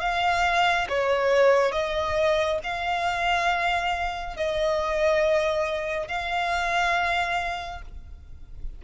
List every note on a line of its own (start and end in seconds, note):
0.00 0.87 F5
0.89 1.72 C#5
1.72 2.58 D#5
2.63 4.36 F5
4.36 6.08 D#5
6.08 7.81 F5